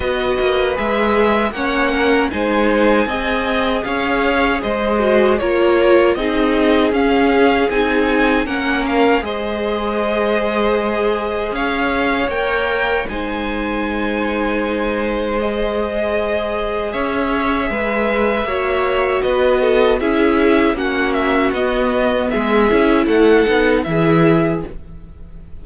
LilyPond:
<<
  \new Staff \with { instrumentName = "violin" } { \time 4/4 \tempo 4 = 78 dis''4 e''4 fis''4 gis''4~ | gis''4 f''4 dis''4 cis''4 | dis''4 f''4 gis''4 fis''8 f''8 | dis''2. f''4 |
g''4 gis''2. | dis''2 e''2~ | e''4 dis''4 e''4 fis''8 e''8 | dis''4 e''4 fis''4 e''4 | }
  \new Staff \with { instrumentName = "violin" } { \time 4/4 b'2 cis''8 ais'8 c''4 | dis''4 cis''4 c''4 ais'4 | gis'2. ais'4 | c''2. cis''4~ |
cis''4 c''2.~ | c''2 cis''4 b'4 | cis''4 b'8 a'8 gis'4 fis'4~ | fis'4 gis'4 a'4 gis'4 | }
  \new Staff \with { instrumentName = "viola" } { \time 4/4 fis'4 gis'4 cis'4 dis'4 | gis'2~ gis'8 fis'8 f'4 | dis'4 cis'4 dis'4 cis'4 | gis'1 |
ais'4 dis'2. | gis'1 | fis'2 e'4 cis'4 | b4. e'4 dis'8 e'4 | }
  \new Staff \with { instrumentName = "cello" } { \time 4/4 b8 ais8 gis4 ais4 gis4 | c'4 cis'4 gis4 ais4 | c'4 cis'4 c'4 ais4 | gis2. cis'4 |
ais4 gis2.~ | gis2 cis'4 gis4 | ais4 b4 cis'4 ais4 | b4 gis8 cis'8 a8 b8 e4 | }
>>